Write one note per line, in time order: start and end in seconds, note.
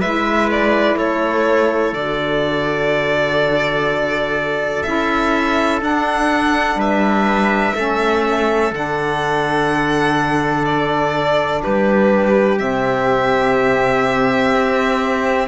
0.00 0.96 G#3
0.00 1.95 E4
0.00 0.97 B4
0.00 0.49 E5
0.51 0.98 D5
0.96 1.92 A3
0.96 6.78 A4
0.96 1.94 C#5
1.92 4.83 D3
1.92 4.84 F#4
1.92 4.83 D5
4.83 5.82 C#4
4.83 5.80 E4
4.83 5.80 E5
5.80 7.74 D4
5.80 6.76 D4
5.80 6.80 F#5
6.76 7.72 G3
6.76 7.75 B4
6.76 8.74 E5
7.75 8.71 A3
7.75 8.71 C#4
7.75 11.62 A4
8.71 11.62 D3
8.71 12.58 D4
8.71 10.65 F#5
10.65 11.61 D5
11.63 12.61 G3
11.63 15.48 G4
11.63 12.58 B4
12.58 14.54 C3
12.58 15.48 C4
12.58 15.48 E5
14.54 15.48 C4